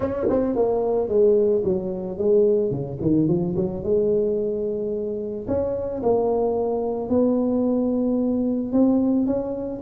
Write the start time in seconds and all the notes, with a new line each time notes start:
0.00 C#4
0.29 C4
0.55 A#3
1.08 G#3
1.64 F#3
2.18 G#3
2.70 C#3
3.01 D#3
3.28 F3
3.56 F#3
3.83 G#3
5.47 C#4
6.02 A#3
7.09 B3
8.72 C4
9.26 C#4